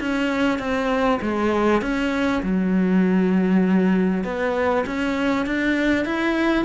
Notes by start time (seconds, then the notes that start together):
0.00 C#4
0.59 C4
1.22 G#3
1.82 C#4
2.43 F#3
4.24 B3
4.86 C#4
5.46 D4
6.05 E4